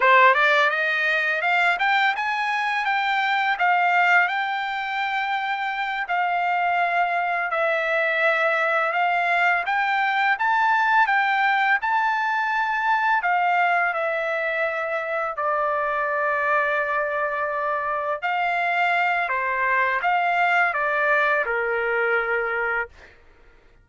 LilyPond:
\new Staff \with { instrumentName = "trumpet" } { \time 4/4 \tempo 4 = 84 c''8 d''8 dis''4 f''8 g''8 gis''4 | g''4 f''4 g''2~ | g''8 f''2 e''4.~ | e''8 f''4 g''4 a''4 g''8~ |
g''8 a''2 f''4 e''8~ | e''4. d''2~ d''8~ | d''4. f''4. c''4 | f''4 d''4 ais'2 | }